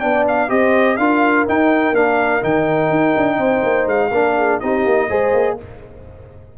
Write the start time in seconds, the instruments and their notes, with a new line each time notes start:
0.00 tuba B3, trombone D4, horn D5, trumpet G5
0.28 trumpet F5
0.48 tuba C4, trombone G4, horn C5, trumpet D#5
0.97 tuba D4, trombone F4, horn A#4, trumpet F5
1.47 trombone D#4, tuba D#4, trumpet G5
1.93 tuba A#3, trombone D4, trumpet F5
2.42 tuba D#3, trombone D#4, trumpet G5
2.90 tuba D#4
3.17 tuba D4
3.37 tuba C4, horn C5
3.64 tuba A#3
3.86 tuba G#3, trumpet F5
4.11 tuba A#3, trombone D4, horn A#4
4.36 horn G#4
4.60 tuba C4, trombone D#4, horn G4, trumpet D#5
4.85 tuba A#3
5.09 tuba G#3, trombone G#4, horn C5
5.34 tuba A#3